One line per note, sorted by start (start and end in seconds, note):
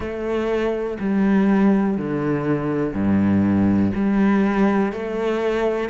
0.00 0.97 A3
0.99 1.97 G3
1.97 2.93 D3
2.93 3.91 G2
3.95 4.92 G3
4.92 5.89 A3